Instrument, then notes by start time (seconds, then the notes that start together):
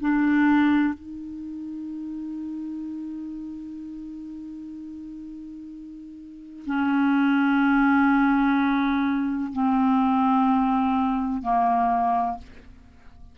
clarinet
0.00 D4
0.94 D#4
6.66 C#4
9.52 C4
11.42 A#3